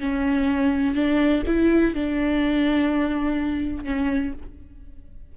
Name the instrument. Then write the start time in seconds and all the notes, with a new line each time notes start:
viola
0.00 C#4
0.95 D4
1.47 E4
1.95 D4
3.84 C#4